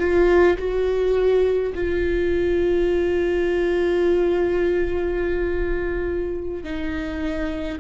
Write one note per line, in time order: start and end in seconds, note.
0.00 0.58 F4
0.58 1.74 F#4
1.75 6.64 F4
6.64 7.79 D#4